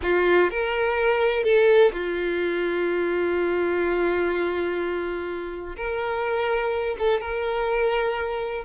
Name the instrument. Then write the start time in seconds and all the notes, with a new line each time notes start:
violin
0.02 F4
0.50 A#4
1.43 A4
1.92 F4
5.76 A#4
6.98 A4
7.20 A#4